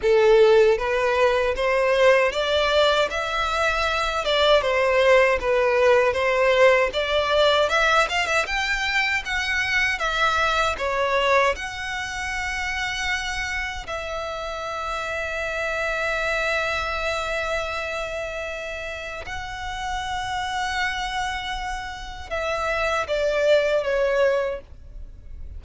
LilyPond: \new Staff \with { instrumentName = "violin" } { \time 4/4 \tempo 4 = 78 a'4 b'4 c''4 d''4 | e''4. d''8 c''4 b'4 | c''4 d''4 e''8 f''16 e''16 g''4 | fis''4 e''4 cis''4 fis''4~ |
fis''2 e''2~ | e''1~ | e''4 fis''2.~ | fis''4 e''4 d''4 cis''4 | }